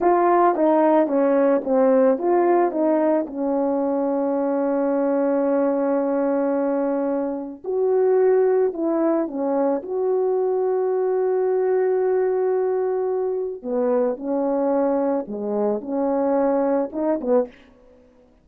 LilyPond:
\new Staff \with { instrumentName = "horn" } { \time 4/4 \tempo 4 = 110 f'4 dis'4 cis'4 c'4 | f'4 dis'4 cis'2~ | cis'1~ | cis'2 fis'2 |
e'4 cis'4 fis'2~ | fis'1~ | fis'4 b4 cis'2 | gis4 cis'2 dis'8 b8 | }